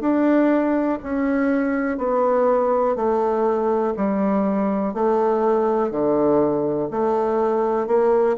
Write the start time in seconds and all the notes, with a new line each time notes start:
0.00 D4
1.03 C#4
1.98 B3
2.96 A3
3.97 G3
4.94 A3
5.91 D3
6.90 A3
7.87 A#3